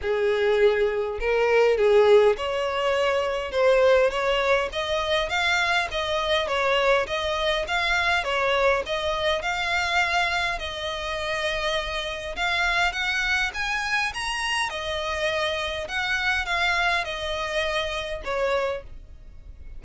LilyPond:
\new Staff \with { instrumentName = "violin" } { \time 4/4 \tempo 4 = 102 gis'2 ais'4 gis'4 | cis''2 c''4 cis''4 | dis''4 f''4 dis''4 cis''4 | dis''4 f''4 cis''4 dis''4 |
f''2 dis''2~ | dis''4 f''4 fis''4 gis''4 | ais''4 dis''2 fis''4 | f''4 dis''2 cis''4 | }